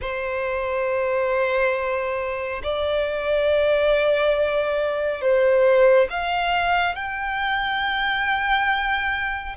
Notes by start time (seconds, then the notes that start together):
0.01 C5
2.63 D5
5.21 C5
6.10 F5
6.95 G5